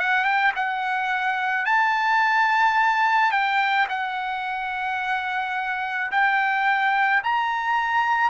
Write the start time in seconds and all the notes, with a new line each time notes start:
0.00 F#5
0.25 G5
0.56 F#5
1.66 A5
3.32 G5
3.89 F#5
6.12 G5
7.24 A#5